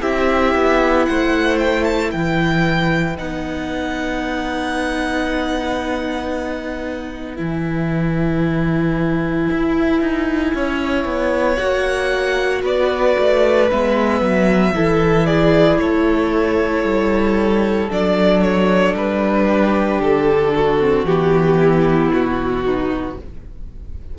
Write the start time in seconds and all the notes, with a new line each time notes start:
0.00 C4 E4 G4 E5
0.55 B3
1.05 A3 C5 F#5
1.59 G5
1.84 A5
2.09 E3 B4 G5
3.16 B3 D#4 F#5
7.36 E3 E4 G#5
9.50 E4
10.01 D#4
10.54 C#4 C#5
11.05 B3
11.56 A#3 F#4 F#5
12.61 B3 B4 D5
13.18 A3
13.70 G#3 B3 E5
14.21 F#3
14.74 E3 E4 A4
15.26 G#4 D5
15.78 A3 A4 C#5
16.84 G3
17.89 F#3 D4 D5
18.42 C#5
18.94 G3 B4
19.48 G4
20.00 D3 A4
20.55 F#4
20.79 C4
21.04 E3 B3 G4
21.58 E4
22.10 B2 F#4
22.64 D#4